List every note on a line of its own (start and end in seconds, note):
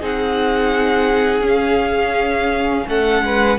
0.00 1.42 C4
0.00 1.43 D#4
0.00 2.86 G#4
0.00 1.48 F#5
1.42 2.85 C#4
1.42 3.59 C#4
1.48 2.89 F5
2.88 3.22 A3
2.88 3.25 A4
2.88 3.59 F#5
3.22 3.58 G#3
3.22 3.59 B4